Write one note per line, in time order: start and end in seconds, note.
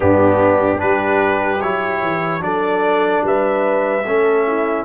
0.00 0.81 G2
0.00 0.77 B3
0.00 0.81 D4
0.00 0.80 G4
0.77 1.61 G3
0.77 1.58 D4
0.77 2.43 G4
0.77 1.61 B4
1.61 2.01 F#3
1.61 2.40 E4
1.61 2.42 C#5
2.01 2.40 E3
2.40 3.21 F#3
2.40 4.02 D4
2.40 3.25 A4
2.40 3.24 D5
3.23 4.04 G3
3.23 4.06 B4
3.23 4.84 E5
4.05 4.84 A3
4.05 4.84 C#4
4.05 4.47 A4
4.47 4.84 E4